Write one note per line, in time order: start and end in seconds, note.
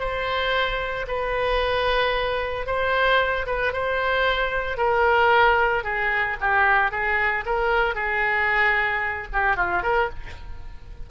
0.00 1.06 C5
1.08 2.67 B4
2.67 3.46 C5
3.47 3.73 B4
3.73 4.77 C5
4.77 5.84 A#4
5.84 6.37 G#4
6.41 6.91 G4
6.91 7.45 G#4
7.46 7.95 A#4
7.95 9.28 G#4
9.33 9.57 G4
9.57 9.83 F4
9.83 10.10 A#4